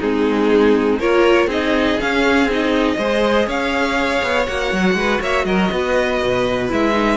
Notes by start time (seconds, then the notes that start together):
0.00 G#3 C4 D#4 G#4
0.99 A#3 F4 A#4 C#5
1.46 C4 D#4 G#4 D#5
1.99 C#4 F5
2.44 C4 D#4
2.52 D#5
2.97 G#3 G#4 C5
3.47 C#4 C#5 F5
4.22 B3
4.46 A#3 F#4 F#5
4.72 F#3
4.94 G#3 B4
5.20 A#3 C#5 E5
5.45 F#3 A#4 D#5
5.71 B3 B4
6.22 B2
6.68 G#3 E4 E5
6.92 D#4